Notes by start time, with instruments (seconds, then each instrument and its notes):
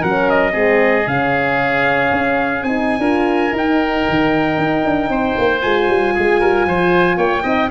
0.00 tuba F#3, horn C#4, oboe A#4, trumpet F#5
0.29 trumpet D#5
0.51 tuba G#3, horn C4, oboe G#4
1.05 tuba C#3, horn C#4, trumpet F5
2.11 tuba C#4
2.62 tuba C4, horn D#4, trumpet G#5
2.98 tuba D4, horn F4, oboe A#4
3.52 tuba D#4, horn D#4, trumpet G5
4.09 tuba D#3
4.58 tuba D#4
4.85 tuba D4
5.09 tuba C4, oboe C5
5.38 tuba A#3
5.61 tuba G#3, horn F4, trumpet G#5
5.88 tuba G3
6.14 tuba G#3, oboe G#4
6.40 tuba G3, oboe A#4
6.66 tuba F3, oboe C5
7.17 tuba A#3, oboe C#5, trumpet G5
7.43 tuba C4, horn D#4, oboe D#5